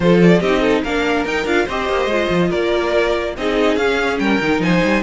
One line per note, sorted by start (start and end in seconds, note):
0.00 0.40 F3
0.00 0.42 F4
0.00 0.39 A4
0.00 0.19 C5
0.21 0.41 D5
0.39 0.82 C4
0.39 0.85 D#4
0.39 0.60 G4
0.39 0.83 D#5
0.60 0.81 A4
0.82 1.24 A#3
0.82 1.27 D4
0.82 1.65 A#4
0.82 1.25 F5
1.24 1.45 D#4
1.24 1.46 D#4
1.24 1.47 G5
1.45 1.66 D4
1.45 1.67 F4
1.45 1.68 F5
1.65 1.88 C4
1.65 2.10 G4
1.65 2.49 C5
1.65 2.51 D#5
1.88 2.05 A#3
2.05 2.26 G#3
2.05 3.36 F4
2.29 2.50 F3
2.49 3.37 A#3
2.49 3.33 A#4
2.49 3.35 D5
3.37 3.76 C4
3.37 3.79 D#4
3.37 4.22 G#4
3.37 3.76 D#5
3.76 4.18 C#4
3.76 4.41 C#4
3.76 4.18 F5
4.19 4.40 G3
4.19 4.64 A#4
4.19 4.61 G5
4.40 4.60 D#3
4.40 5.03 D#4
4.60 4.81 F3
4.60 5.03 C5
4.60 5.03 G#5
4.83 5.03 G3